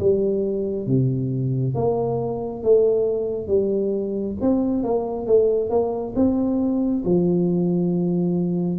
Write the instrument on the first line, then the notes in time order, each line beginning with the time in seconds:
tuba
0.00 G3
0.87 C3
1.75 A#3
2.64 A3
3.48 G3
4.41 C4
4.84 A#3
5.27 A3
5.70 A#3
6.16 C4
7.05 F3